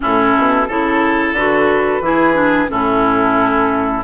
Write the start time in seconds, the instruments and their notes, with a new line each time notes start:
0.00 bassoon A2, clarinet C#4, oboe E4, flute A4
0.37 bassoon B2
0.67 bassoon C#3, clarinet E4, oboe A4
1.32 bassoon D3, clarinet F#4, flute B4
2.00 bassoon E3, clarinet E4, oboe G#4
2.34 clarinet D4
2.68 bassoon A2, clarinet C#4, oboe E4, flute A4